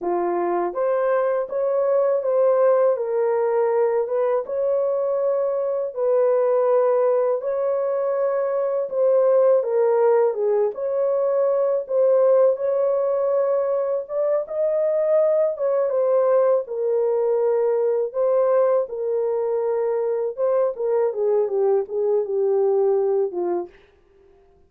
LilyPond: \new Staff \with { instrumentName = "horn" } { \time 4/4 \tempo 4 = 81 f'4 c''4 cis''4 c''4 | ais'4. b'8 cis''2 | b'2 cis''2 | c''4 ais'4 gis'8 cis''4. |
c''4 cis''2 d''8 dis''8~ | dis''4 cis''8 c''4 ais'4.~ | ais'8 c''4 ais'2 c''8 | ais'8 gis'8 g'8 gis'8 g'4. f'8 | }